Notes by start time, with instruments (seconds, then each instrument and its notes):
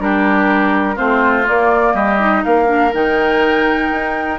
0.00 bassoon G3, clarinet D4, oboe G4, flute A#4
0.96 bassoon A3, clarinet C4, oboe F4, flute C5
1.44 clarinet A#3, bassoon A#3, flute D5
1.94 bassoon G3, oboe G4, flute D#5
2.19 clarinet D#4
2.44 bassoon A#3, oboe A#4, flute F5
2.66 clarinet D4
2.94 bassoon D#3, clarinet D#4, flute G5
3.92 bassoon D#4